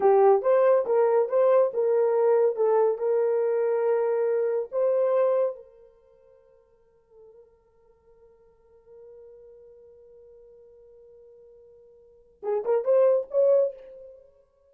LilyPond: \new Staff \with { instrumentName = "horn" } { \time 4/4 \tempo 4 = 140 g'4 c''4 ais'4 c''4 | ais'2 a'4 ais'4~ | ais'2. c''4~ | c''4 ais'2.~ |
ais'1~ | ais'1~ | ais'1~ | ais'4 gis'8 ais'8 c''4 cis''4 | }